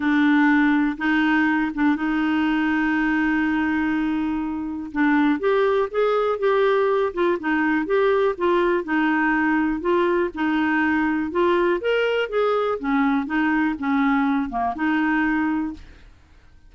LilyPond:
\new Staff \with { instrumentName = "clarinet" } { \time 4/4 \tempo 4 = 122 d'2 dis'4. d'8 | dis'1~ | dis'2 d'4 g'4 | gis'4 g'4. f'8 dis'4 |
g'4 f'4 dis'2 | f'4 dis'2 f'4 | ais'4 gis'4 cis'4 dis'4 | cis'4. ais8 dis'2 | }